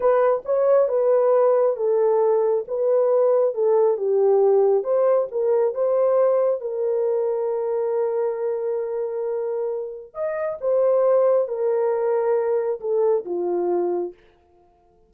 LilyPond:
\new Staff \with { instrumentName = "horn" } { \time 4/4 \tempo 4 = 136 b'4 cis''4 b'2 | a'2 b'2 | a'4 g'2 c''4 | ais'4 c''2 ais'4~ |
ais'1~ | ais'2. dis''4 | c''2 ais'2~ | ais'4 a'4 f'2 | }